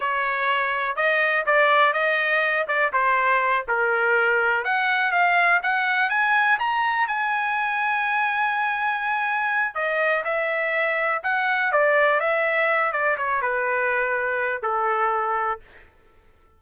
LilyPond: \new Staff \with { instrumentName = "trumpet" } { \time 4/4 \tempo 4 = 123 cis''2 dis''4 d''4 | dis''4. d''8 c''4. ais'8~ | ais'4. fis''4 f''4 fis''8~ | fis''8 gis''4 ais''4 gis''4.~ |
gis''1 | dis''4 e''2 fis''4 | d''4 e''4. d''8 cis''8 b'8~ | b'2 a'2 | }